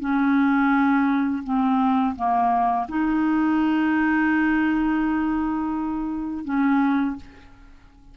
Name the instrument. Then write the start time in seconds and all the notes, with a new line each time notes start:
clarinet
0.00 C#4
1.44 C4
2.15 A#3
2.88 D#4
6.44 C#4